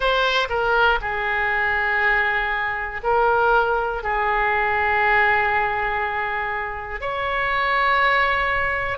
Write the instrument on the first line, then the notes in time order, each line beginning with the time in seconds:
oboe
0.00 C5
0.49 A#4
1.01 G#4
3.03 A#4
4.03 G#4
7.00 C#5